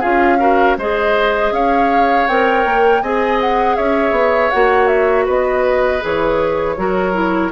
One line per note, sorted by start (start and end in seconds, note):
0.00 0.78 C#4
0.00 0.39 F4
0.00 0.38 G#4
0.00 0.77 F5
0.39 0.77 F#4
0.39 0.77 A#4
0.78 1.52 G#3
0.78 2.29 G#4
0.78 1.54 C5
0.78 1.53 D#5
1.52 2.27 C#4
1.52 3.03 C#5
1.52 2.27 F5
2.27 2.65 C4
2.27 3.04 A#4
2.27 3.03 G5
2.65 3.02 A#3
3.02 3.77 C4
3.02 4.53 G#4
3.02 3.77 D#5
3.02 3.40 G#5
3.41 3.76 F#5
3.76 4.12 C#4
3.76 5.26 C#5
3.76 4.51 E5
4.12 4.49 B3
4.51 5.28 A#3
4.51 6.00 F#4
4.51 4.88 F#5
4.88 5.25 E5
5.26 6.03 B3
5.26 6.76 B4
5.26 6.04 D#5
6.00 6.77 E3
6.00 6.75 G#4
6.00 7.53 C#5
6.77 7.52 F#3
6.77 7.13 F#4
6.77 7.53 A#4
7.13 7.51 E4